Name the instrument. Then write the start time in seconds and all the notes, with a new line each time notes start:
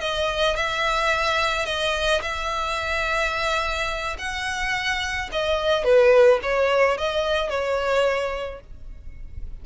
violin
0.00 D#5
0.56 E5
1.65 D#5
2.22 E5
4.18 F#5
5.32 D#5
5.84 B4
6.42 C#5
6.97 D#5
7.49 C#5